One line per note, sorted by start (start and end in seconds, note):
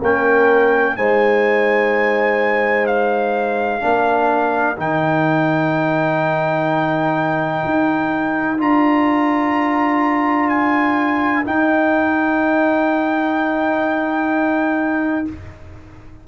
0.00 0.96 A#3
0.00 0.96 C#4
0.00 0.95 A#4
0.00 0.96 G5
0.96 3.82 G#3
0.96 3.80 D#4
0.96 3.82 C5
0.96 2.86 G#5
2.86 4.77 F5
3.80 4.77 A#3
3.80 4.75 D4
3.80 15.25 A#4
4.76 7.63 D#3
4.76 8.57 D#4
4.76 8.60 G5
7.64 8.59 D#4
8.58 11.44 D4
8.58 11.44 F4
8.58 10.48 A#5
10.48 11.44 G#5
11.44 15.25 D#4
11.44 15.26 D#4
11.44 15.27 G5